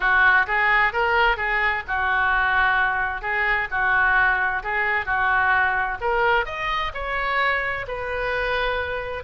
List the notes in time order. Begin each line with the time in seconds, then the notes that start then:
0.00 F#4
0.47 G#4
0.93 A#4
1.37 G#4
1.87 F#4
3.21 G#4
3.70 F#4
4.63 G#4
5.05 F#4
6.00 A#4
6.45 D#5
6.93 C#5
7.87 B4